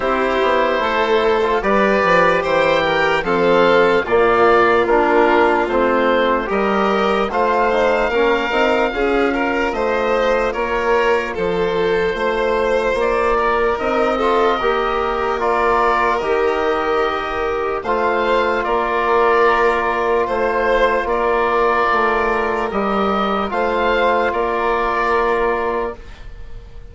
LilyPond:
<<
  \new Staff \with { instrumentName = "oboe" } { \time 4/4 \tempo 4 = 74 c''2 d''4 g''4 | f''4 d''4 ais'4 c''4 | dis''4 f''2. | dis''4 cis''4 c''2 |
d''4 dis''2 d''4 | dis''2 f''4 d''4~ | d''4 c''4 d''2 | dis''4 f''4 d''2 | }
  \new Staff \with { instrumentName = "violin" } { \time 4/4 g'4 a'4 b'4 c''8 ais'8 | a'4 f'2. | ais'4 c''4 ais'4 gis'8 ais'8 | c''4 ais'4 a'4 c''4~ |
c''8 ais'4 a'8 ais'2~ | ais'2 c''4 ais'4~ | ais'4 c''4 ais'2~ | ais'4 c''4 ais'2 | }
  \new Staff \with { instrumentName = "trombone" } { \time 4/4 e'4.~ e'16 f'16 g'2 | c'4 ais4 d'4 c'4 | g'4 f'8 dis'8 cis'8 dis'8 f'4~ | f'1~ |
f'4 dis'8 f'8 g'4 f'4 | g'2 f'2~ | f'1 | g'4 f'2. | }
  \new Staff \with { instrumentName = "bassoon" } { \time 4/4 c'8 b8 a4 g8 f8 e4 | f4 ais,4 ais4 a4 | g4 a4 ais8 c'8 cis'4 | a4 ais4 f4 a4 |
ais4 c'4 ais2 | dis2 a4 ais4~ | ais4 a4 ais4 a4 | g4 a4 ais2 | }
>>